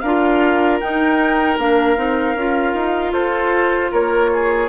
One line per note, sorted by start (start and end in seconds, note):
0.00 0.81 D4
0.00 3.13 A#4
0.00 0.78 F5
0.06 0.82 F4
0.80 1.59 D#4
0.80 1.58 D#4
0.80 1.58 G5
1.58 1.97 A#3
1.58 1.97 D4
1.58 3.13 F5
1.97 2.35 C4
1.97 2.36 D#4
2.35 2.74 C#4
2.35 4.69 F4
2.74 3.13 D#4
3.13 3.91 F4
3.13 3.91 A4
3.13 3.91 C5
3.91 4.69 A#3
3.91 4.30 A#4
3.91 4.69 C#5
4.33 4.69 G#4